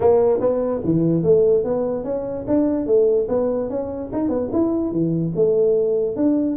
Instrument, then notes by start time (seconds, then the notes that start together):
tuba
0.00 A#3
0.40 B3
0.84 E3
1.23 A3
1.64 B3
2.04 C#4
2.47 D4
2.86 A3
3.28 B3
3.69 C#4
4.12 D#4
4.28 B3
4.52 E4
4.91 E3
5.35 A3
6.16 D4